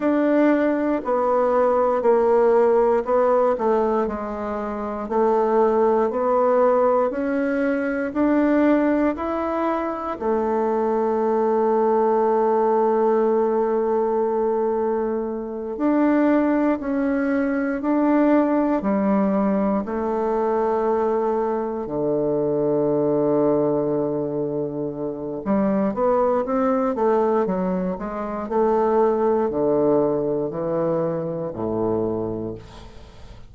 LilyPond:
\new Staff \with { instrumentName = "bassoon" } { \time 4/4 \tempo 4 = 59 d'4 b4 ais4 b8 a8 | gis4 a4 b4 cis'4 | d'4 e'4 a2~ | a2.~ a8 d'8~ |
d'8 cis'4 d'4 g4 a8~ | a4. d2~ d8~ | d4 g8 b8 c'8 a8 fis8 gis8 | a4 d4 e4 a,4 | }